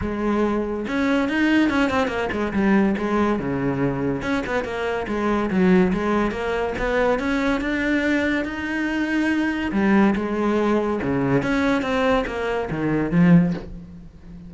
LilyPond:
\new Staff \with { instrumentName = "cello" } { \time 4/4 \tempo 4 = 142 gis2 cis'4 dis'4 | cis'8 c'8 ais8 gis8 g4 gis4 | cis2 cis'8 b8 ais4 | gis4 fis4 gis4 ais4 |
b4 cis'4 d'2 | dis'2. g4 | gis2 cis4 cis'4 | c'4 ais4 dis4 f4 | }